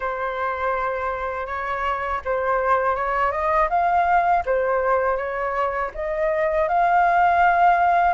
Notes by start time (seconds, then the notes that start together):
0.00 C5
1.46 C#5
2.24 C5
2.95 C#5
3.31 D#5
3.69 F5
4.45 C5
5.16 C#5
5.94 D#5
6.68 F5